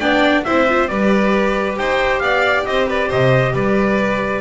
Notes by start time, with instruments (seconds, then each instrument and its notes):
0.00 double bass B3, viola D4, violin D5, trumpet G5
0.44 double bass C4, viola E4, violin C5, trumpet E5
0.69 viola F4
0.88 double bass G3, viola G4, violin B4, trumpet D5
1.78 double bass D#4, violin C5, trumpet G5
2.20 double bass B3, violin D5, trumpet F5
2.66 double bass C4, violin C5, trumpet D#5
2.88 violin B4, trumpet D5
3.09 double bass C3, violin C5, trumpet D#5
3.54 double bass G3, violin B4, trumpet D5